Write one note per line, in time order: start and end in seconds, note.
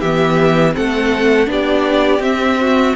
0.00 0.76 E3
0.00 0.73 B3
0.00 0.73 G4
0.00 0.73 E5
0.73 1.47 A3
0.73 1.46 C4
0.73 1.49 A4
0.73 1.49 F#5
1.46 2.20 B3
1.46 2.19 D4
1.46 2.60 G4
1.46 2.22 D5
2.20 2.93 C4
2.20 2.95 C4
2.20 2.95 E5
2.60 2.95 F#4